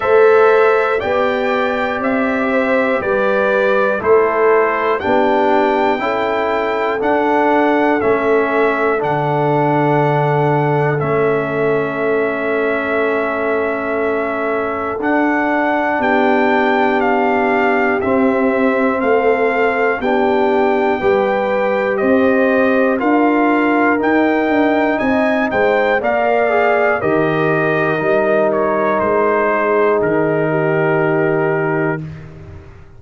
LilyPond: <<
  \new Staff \with { instrumentName = "trumpet" } { \time 4/4 \tempo 4 = 60 e''4 g''4 e''4 d''4 | c''4 g''2 fis''4 | e''4 fis''2 e''4~ | e''2. fis''4 |
g''4 f''4 e''4 f''4 | g''2 dis''4 f''4 | g''4 gis''8 g''8 f''4 dis''4~ | dis''8 cis''8 c''4 ais'2 | }
  \new Staff \with { instrumentName = "horn" } { \time 4/4 c''4 d''4. c''8 b'4 | a'4 g'4 a'2~ | a'1~ | a'1 |
g'2. a'4 | g'4 b'4 c''4 ais'4~ | ais'4 dis''8 c''8 d''4 ais'4~ | ais'4. gis'4 g'4. | }
  \new Staff \with { instrumentName = "trombone" } { \time 4/4 a'4 g'2. | e'4 d'4 e'4 d'4 | cis'4 d'2 cis'4~ | cis'2. d'4~ |
d'2 c'2 | d'4 g'2 f'4 | dis'2 ais'8 gis'8 g'4 | dis'1 | }
  \new Staff \with { instrumentName = "tuba" } { \time 4/4 a4 b4 c'4 g4 | a4 b4 cis'4 d'4 | a4 d2 a4~ | a2. d'4 |
b2 c'4 a4 | b4 g4 c'4 d'4 | dis'8 d'8 c'8 gis8 ais4 dis4 | g4 gis4 dis2 | }
>>